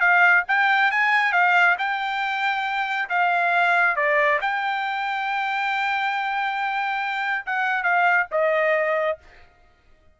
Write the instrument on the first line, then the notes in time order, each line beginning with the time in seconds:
trumpet
0.00 F5
0.48 G5
0.91 G#5
1.32 F5
1.78 G5
3.09 F5
3.96 D5
4.41 G5
7.46 F#5
7.83 F5
8.31 D#5